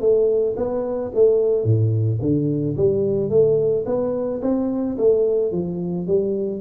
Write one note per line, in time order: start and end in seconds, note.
0.00 0.55 A3
0.56 1.11 B3
1.14 1.64 A3
1.64 2.19 A2
2.21 2.76 D3
2.76 3.30 G3
3.30 3.84 A3
3.86 4.41 B3
4.42 4.97 C4
4.98 5.51 A3
5.51 6.07 F3
6.07 6.61 G3